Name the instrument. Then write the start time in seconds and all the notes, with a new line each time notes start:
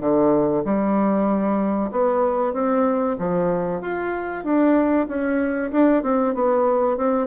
bassoon
0.00 D3
0.64 G3
1.91 B3
2.53 C4
3.18 F3
3.81 F4
4.44 D4
5.08 C#4
5.72 D4
6.03 C4
6.34 B3
6.97 C4